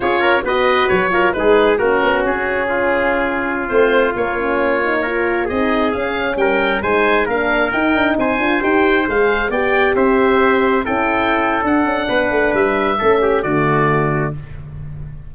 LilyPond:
<<
  \new Staff \with { instrumentName = "oboe" } { \time 4/4 \tempo 4 = 134 cis''4 dis''4 cis''4 b'4 | ais'4 gis'2.~ | gis'16 c''4 cis''2~ cis''8.~ | cis''16 dis''4 f''4 g''4 gis''8.~ |
gis''16 f''4 g''4 gis''4 g''8.~ | g''16 f''4 g''4 e''4.~ e''16~ | e''16 g''4.~ g''16 fis''2 | e''2 d''2 | }
  \new Staff \with { instrumentName = "trumpet" } { \time 4/4 gis'8 ais'8 b'4. ais'8 gis'4 | fis'2 f'2~ | f'2.~ f'16 ais'8.~ | ais'16 gis'2 ais'4 c''8.~ |
c''16 ais'2 c''4.~ c''16~ | c''4~ c''16 d''4 c''4.~ c''16~ | c''16 a'2~ a'8. b'4~ | b'4 a'8 g'8 fis'2 | }
  \new Staff \with { instrumentName = "horn" } { \time 4/4 f'4 fis'4. f'8 dis'4 | cis'1~ | cis'16 c'4 ais8 cis'4 dis'8 f'8.~ | f'16 dis'4 cis'2 dis'8.~ |
dis'16 d'4 dis'4. f'8 g'8.~ | g'16 gis'4 g'2~ g'8.~ | g'16 e'4.~ e'16 d'2~ | d'4 cis'4 a2 | }
  \new Staff \with { instrumentName = "tuba" } { \time 4/4 cis'4 b4 fis4 gis4 | ais8 b8 cis'2.~ | cis'16 a4 ais2~ ais8.~ | ais16 c'4 cis'4 g4 gis8.~ |
gis16 ais4 dis'8 d'8 c'8 d'8 dis'8.~ | dis'16 gis4 b4 c'4.~ c'16~ | c'16 cis'4.~ cis'16 d'8 cis'8 b8 a8 | g4 a4 d2 | }
>>